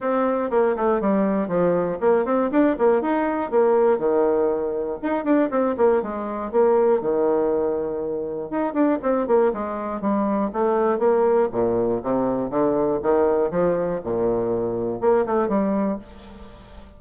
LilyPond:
\new Staff \with { instrumentName = "bassoon" } { \time 4/4 \tempo 4 = 120 c'4 ais8 a8 g4 f4 | ais8 c'8 d'8 ais8 dis'4 ais4 | dis2 dis'8 d'8 c'8 ais8 | gis4 ais4 dis2~ |
dis4 dis'8 d'8 c'8 ais8 gis4 | g4 a4 ais4 ais,4 | c4 d4 dis4 f4 | ais,2 ais8 a8 g4 | }